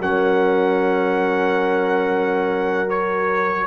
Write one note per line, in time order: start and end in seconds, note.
0.00 3.67 F#3
0.00 2.87 C#4
0.00 3.67 A#4
0.00 2.90 F#5
2.87 3.67 F#4
2.87 3.67 C#5